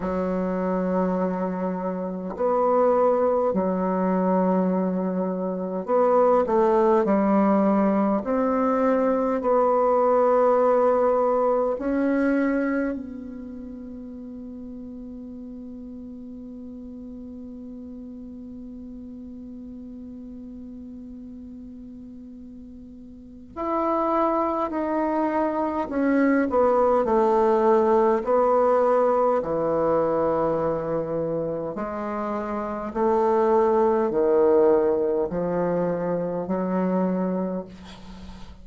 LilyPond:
\new Staff \with { instrumentName = "bassoon" } { \time 4/4 \tempo 4 = 51 fis2 b4 fis4~ | fis4 b8 a8 g4 c'4 | b2 cis'4 b4~ | b1~ |
b1 | e'4 dis'4 cis'8 b8 a4 | b4 e2 gis4 | a4 dis4 f4 fis4 | }